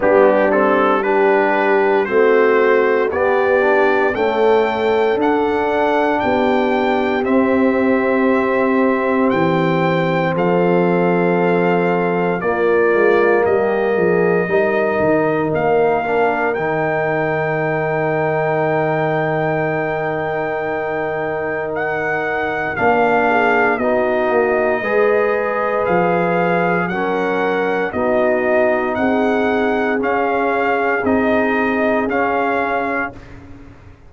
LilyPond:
<<
  \new Staff \with { instrumentName = "trumpet" } { \time 4/4 \tempo 4 = 58 g'8 a'8 b'4 c''4 d''4 | g''4 fis''4 g''4 e''4~ | e''4 g''4 f''2 | d''4 dis''2 f''4 |
g''1~ | g''4 fis''4 f''4 dis''4~ | dis''4 f''4 fis''4 dis''4 | fis''4 f''4 dis''4 f''4 | }
  \new Staff \with { instrumentName = "horn" } { \time 4/4 d'4 g'4 fis'4 g'4 | a'2 g'2~ | g'2 a'2 | f'4 g'8 gis'8 ais'2~ |
ais'1~ | ais'2~ ais'8 gis'8 fis'4 | b'2 ais'4 fis'4 | gis'1 | }
  \new Staff \with { instrumentName = "trombone" } { \time 4/4 b8 c'8 d'4 c'4 b8 d'8 | a4 d'2 c'4~ | c'1 | ais2 dis'4. d'8 |
dis'1~ | dis'2 d'4 dis'4 | gis'2 cis'4 dis'4~ | dis'4 cis'4 dis'4 cis'4 | }
  \new Staff \with { instrumentName = "tuba" } { \time 4/4 g2 a4 b4 | cis'4 d'4 b4 c'4~ | c'4 e4 f2 | ais8 gis8 g8 f8 g8 dis8 ais4 |
dis1~ | dis2 ais4 b8 ais8 | gis4 f4 fis4 b4 | c'4 cis'4 c'4 cis'4 | }
>>